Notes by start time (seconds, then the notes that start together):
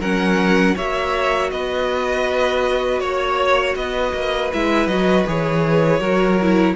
0.00 F#3 C#4 A#4 F#5
0.76 A#3 F#4 C#5 E5
1.51 B3 B4 D#5
3.00 A#3 C#5
3.76 B3 B4 D#5
4.14 A#3
4.53 G#3 E4 E5
4.87 F#3 F#4 D#5
5.28 E3 G#4 C#5
6.00 F#3 F#4 A#4
6.42 E4